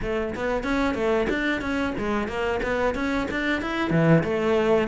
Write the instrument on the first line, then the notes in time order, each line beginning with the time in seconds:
cello
0.01 A3
0.35 B3
0.63 C#4
0.94 A3
1.29 D4
1.61 C#4
1.97 G#3
2.28 A#3
2.62 B3
2.95 C#4
3.30 D4
3.61 E4
3.90 E3
4.23 A3